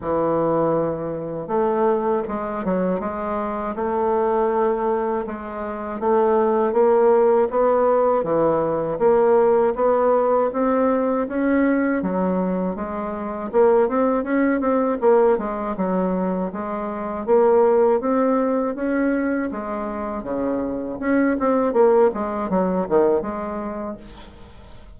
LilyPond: \new Staff \with { instrumentName = "bassoon" } { \time 4/4 \tempo 4 = 80 e2 a4 gis8 fis8 | gis4 a2 gis4 | a4 ais4 b4 e4 | ais4 b4 c'4 cis'4 |
fis4 gis4 ais8 c'8 cis'8 c'8 | ais8 gis8 fis4 gis4 ais4 | c'4 cis'4 gis4 cis4 | cis'8 c'8 ais8 gis8 fis8 dis8 gis4 | }